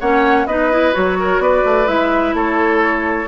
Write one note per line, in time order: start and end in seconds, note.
0.00 0.46 A#3
0.00 0.47 C#4
0.00 0.47 C#5
0.00 0.47 F#5
0.46 0.93 B3
0.46 0.72 D#4
0.46 1.18 B4
0.46 0.94 D#5
0.72 0.93 E4
0.93 1.39 F#3
0.93 1.86 F#4
0.93 1.42 C#5
1.19 1.42 A#4
1.39 1.62 B3
1.39 2.36 B4
1.39 1.87 D5
1.65 1.88 A3
1.86 2.34 G#3
1.86 3.27 E4
1.86 2.34 E5
2.34 3.27 A3
2.34 3.29 A4
2.34 3.29 C#5